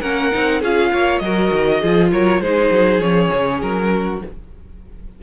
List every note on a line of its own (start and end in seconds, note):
0.00 0.31 A#3
0.00 0.31 C#4
0.00 0.60 A#4
0.00 0.60 F#5
0.31 0.62 C4
0.31 0.61 D#4
0.60 0.92 C#4
0.60 1.22 F4
0.60 0.90 G#4
0.60 1.18 F5
0.92 1.20 A#3
0.92 1.22 C#5
1.18 1.50 F#3
1.18 1.81 A#4
1.18 2.08 D#5
1.25 1.83 F#4
1.51 1.81 D#3
1.81 2.12 F3
1.81 2.42 F4
1.81 2.11 G#4
2.11 2.40 F#3
2.11 2.42 A#4
2.11 2.41 C#5
2.40 2.70 G#3
2.40 3.01 D#4
2.40 3.92 G#4
2.40 3.00 C5
2.70 2.99 F#3
2.99 3.29 F3
2.99 4.21 C#4
2.99 3.60 C#5
3.33 3.61 C#3
3.61 4.21 F#3
3.61 4.21 A#4
3.92 4.22 F#4